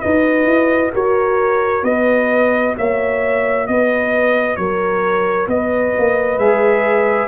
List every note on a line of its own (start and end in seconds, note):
0.00 0.46 D#4
0.00 6.39 F#4
0.00 0.93 B4
0.00 0.91 D#5
0.46 0.91 E4
0.93 1.83 F#4
0.93 1.83 A#4
0.93 1.84 C#5
1.83 2.74 B3
1.83 2.74 B4
1.83 2.75 D#5
2.77 3.68 A#3
2.77 3.68 C#5
2.77 3.67 E5
3.67 4.58 B3
3.67 4.59 B4
3.67 4.56 D#5
4.56 5.47 F#3
4.56 5.49 A#4
4.56 5.47 C#5
5.47 5.93 B3
5.47 7.28 B4
5.47 6.38 D#5
5.98 6.37 A#3
6.37 7.28 G#3
6.37 7.28 G#4
6.37 7.28 E5